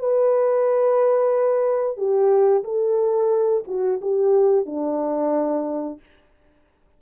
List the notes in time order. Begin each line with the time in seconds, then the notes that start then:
0.00 B4
1.97 G4
2.64 A4
3.68 F#4
4.02 G4
4.66 D4